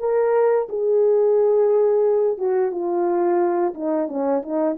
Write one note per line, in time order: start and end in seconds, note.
0.00 0.68 A#4
0.69 2.38 G#4
2.38 2.72 F#4
2.72 3.74 F4
3.75 4.09 D#4
4.09 4.43 C#4
4.43 4.77 D#4